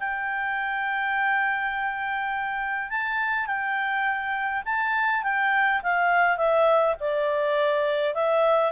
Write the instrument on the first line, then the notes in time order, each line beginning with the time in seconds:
clarinet
0.00 G5
2.90 A5
3.47 G5
4.65 A5
5.23 G5
5.83 F5
6.37 E5
7.00 D5
8.15 E5